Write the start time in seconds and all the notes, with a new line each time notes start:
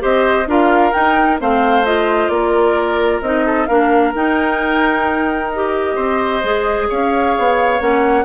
0.00 C4 G4 C5 D#5
0.47 D4 F4 A#4 F5
0.93 D#4 G5
1.39 A3 C4 C5 F5
1.85 F4 D#5
2.28 A#3 A#4 D5
3.22 C4 D#4 D#5
3.46 A4
3.66 A#3 D4 A#4 F5
4.14 D#4 G5
5.52 G4 D#5
5.96 C4 C5
6.44 G#3 G#4
6.89 C#4 C#5 F5
7.38 B3
7.79 A#3 C#4 F#5